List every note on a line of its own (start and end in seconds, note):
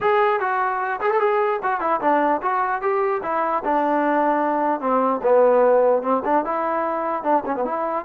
0.00 0.40 G#4
0.40 1.00 F#4
1.00 1.10 G#4
1.10 1.20 A4
1.20 1.60 G#4
1.63 1.80 F#4
1.80 2.00 E4
2.00 2.41 D4
2.42 2.81 F#4
2.81 3.21 G4
3.22 3.63 E4
3.64 4.80 D4
4.80 5.21 C4
5.22 6.02 B3
6.02 6.22 C4
6.24 6.44 D4
6.44 7.23 E4
7.23 7.43 D4
7.45 7.55 C#4
7.55 7.64 B3
7.64 8.05 E4